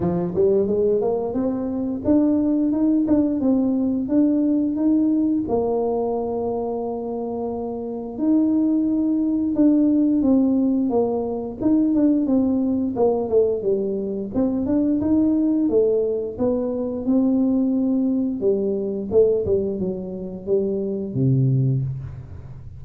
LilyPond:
\new Staff \with { instrumentName = "tuba" } { \time 4/4 \tempo 4 = 88 f8 g8 gis8 ais8 c'4 d'4 | dis'8 d'8 c'4 d'4 dis'4 | ais1 | dis'2 d'4 c'4 |
ais4 dis'8 d'8 c'4 ais8 a8 | g4 c'8 d'8 dis'4 a4 | b4 c'2 g4 | a8 g8 fis4 g4 c4 | }